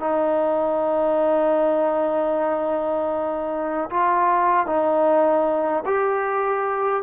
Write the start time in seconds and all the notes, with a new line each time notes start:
0.00 D#4
3.90 F4
4.66 D#4
5.86 G4